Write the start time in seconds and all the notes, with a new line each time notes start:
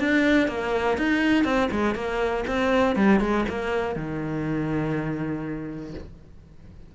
0.00 D4
0.48 A#3
0.98 D#4
1.45 C4
1.72 G#3
1.95 A#3
2.47 C4
2.96 G3
3.20 G#3
3.49 A#3
3.96 D#3